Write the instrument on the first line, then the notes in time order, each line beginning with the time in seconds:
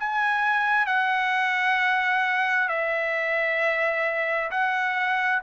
trumpet
0.00 G#5
0.87 F#5
2.69 E5
4.51 F#5